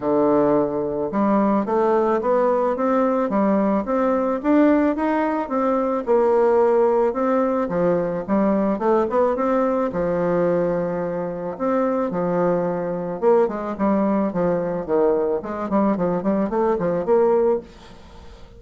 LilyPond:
\new Staff \with { instrumentName = "bassoon" } { \time 4/4 \tempo 4 = 109 d2 g4 a4 | b4 c'4 g4 c'4 | d'4 dis'4 c'4 ais4~ | ais4 c'4 f4 g4 |
a8 b8 c'4 f2~ | f4 c'4 f2 | ais8 gis8 g4 f4 dis4 | gis8 g8 f8 g8 a8 f8 ais4 | }